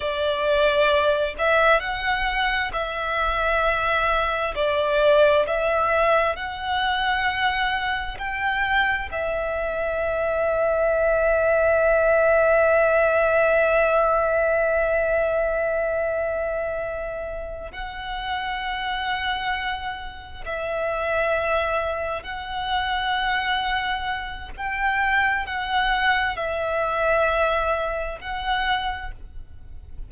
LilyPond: \new Staff \with { instrumentName = "violin" } { \time 4/4 \tempo 4 = 66 d''4. e''8 fis''4 e''4~ | e''4 d''4 e''4 fis''4~ | fis''4 g''4 e''2~ | e''1~ |
e''2.~ e''8 fis''8~ | fis''2~ fis''8 e''4.~ | e''8 fis''2~ fis''8 g''4 | fis''4 e''2 fis''4 | }